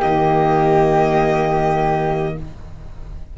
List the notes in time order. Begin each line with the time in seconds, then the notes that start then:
0.00 D#3 A#3 G4 D#5